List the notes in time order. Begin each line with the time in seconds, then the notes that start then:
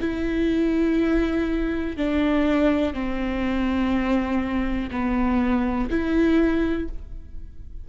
0.00 E4
1.97 D4
2.93 C4
4.90 B3
5.90 E4